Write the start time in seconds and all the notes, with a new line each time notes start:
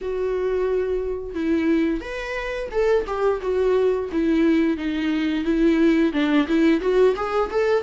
0.01 F#4
1.34 E4
2.01 B4
2.71 A4
3.07 G4
3.41 F#4
4.12 E4
4.77 D#4
5.44 E4
6.12 D4
6.47 E4
6.80 F#4
7.16 G#4
7.50 A4